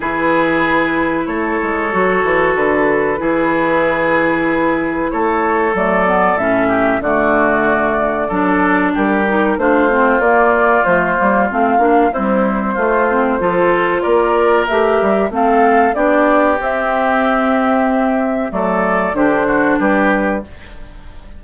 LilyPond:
<<
  \new Staff \with { instrumentName = "flute" } { \time 4/4 \tempo 4 = 94 b'2 cis''2 | b'1 | cis''4 d''4 e''4 d''4~ | d''2 ais'4 c''4 |
d''4 c''4 f''4 c''4~ | c''2 d''4 e''4 | f''4 d''4 e''2~ | e''4 d''4 c''4 b'4 | }
  \new Staff \with { instrumentName = "oboe" } { \time 4/4 gis'2 a'2~ | a'4 gis'2. | a'2~ a'8 g'8 fis'4~ | fis'4 a'4 g'4 f'4~ |
f'2. e'4 | f'4 a'4 ais'2 | a'4 g'2.~ | g'4 a'4 g'8 fis'8 g'4 | }
  \new Staff \with { instrumentName = "clarinet" } { \time 4/4 e'2. fis'4~ | fis'4 e'2.~ | e'4 a8 b8 cis'4 a4~ | a4 d'4. dis'8 d'8 c'8 |
ais4 a8 ais8 c'8 d'8 g4 | a8 c'8 f'2 g'4 | c'4 d'4 c'2~ | c'4 a4 d'2 | }
  \new Staff \with { instrumentName = "bassoon" } { \time 4/4 e2 a8 gis8 fis8 e8 | d4 e2. | a4 fis4 a,4 d4~ | d4 fis4 g4 a4 |
ais4 f8 g8 a8 ais8 c'4 | a4 f4 ais4 a8 g8 | a4 b4 c'2~ | c'4 fis4 d4 g4 | }
>>